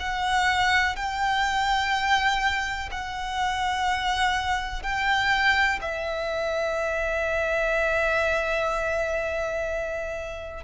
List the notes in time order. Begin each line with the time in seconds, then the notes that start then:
0.00 F#5
0.96 G5
2.92 F#5
4.83 G5
5.82 E5